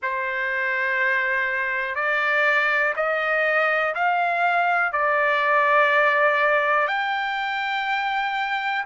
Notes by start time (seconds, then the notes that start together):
0.02 C5
1.95 D5
2.96 D#5
3.94 F5
4.92 D5
6.87 G5